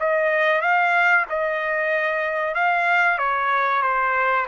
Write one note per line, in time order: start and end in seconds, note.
0.00 0.62 D#5
0.62 1.26 F5
1.30 2.55 D#5
2.55 3.19 F5
3.19 3.82 C#5
3.82 4.46 C5